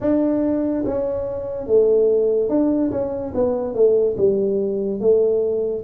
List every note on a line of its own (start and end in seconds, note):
0.00 0.84 D4
0.85 1.66 C#4
1.66 2.49 A3
2.49 2.91 D4
2.91 3.33 C#4
3.34 3.74 B3
3.74 4.16 A3
4.17 5.00 G3
5.00 5.83 A3